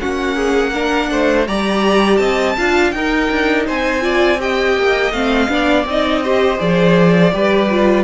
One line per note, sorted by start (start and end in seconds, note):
0.00 1.11 A#3
0.00 0.74 C#4
0.00 0.36 F#4
0.00 1.46 F#5
0.36 0.72 G#4
0.73 1.47 D4
0.73 1.09 A#4
1.11 1.47 A3
1.11 1.47 C5
1.47 2.19 G3
1.47 2.56 G4
1.47 2.19 D5
1.47 2.16 A#5
2.16 2.55 C4
2.16 2.56 D#5
2.16 2.90 A5
2.57 2.93 D4
2.57 2.94 F4
2.57 2.94 F5
2.91 3.29 D#4
2.91 4.01 D#4
2.91 3.66 A#4
2.91 3.64 G5
3.31 3.68 D4
3.66 4.77 C4
3.66 4.03 C5
3.66 4.41 G#5
4.01 4.37 F4
4.01 4.40 D5
4.39 5.12 G4
4.39 5.51 D#5
4.39 5.12 G5
4.77 5.11 A#3
5.11 5.48 A3
5.11 5.48 C4
5.11 5.85 F5
5.48 5.85 B3
5.48 5.85 D4
5.48 6.23 D5
5.85 6.58 C4
5.85 6.24 D#4
5.85 6.60 D#5
6.23 6.57 G4
6.23 7.32 C5
6.57 7.33 F3
6.57 7.30 G#4
6.57 8.04 D5
7.32 8.04 G3
7.32 7.69 G4
7.32 8.04 B4
7.70 8.04 F4